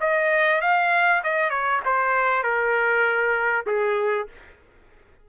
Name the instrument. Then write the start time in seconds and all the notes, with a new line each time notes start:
trumpet
0.00 D#5
0.61 F5
1.23 D#5
1.50 C#5
1.85 C5
2.43 A#4
3.66 G#4